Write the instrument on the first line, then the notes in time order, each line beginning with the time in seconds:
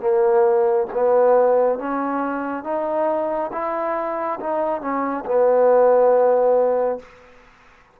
trombone
0.00 A#3
0.93 B3
1.79 C#4
2.64 D#4
3.52 E4
4.40 D#4
4.81 C#4
5.25 B3